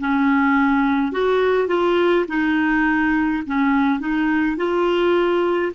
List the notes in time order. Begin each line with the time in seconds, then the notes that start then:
0.00 C#4
1.12 F#4
1.68 F4
2.28 D#4
3.47 C#4
4.00 D#4
4.57 F4